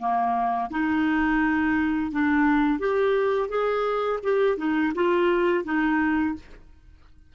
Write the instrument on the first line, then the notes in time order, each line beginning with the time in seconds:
clarinet
0.00 A#3
0.71 D#4
2.12 D4
2.80 G4
3.49 G#4
4.24 G4
4.58 D#4
4.95 F4
5.65 D#4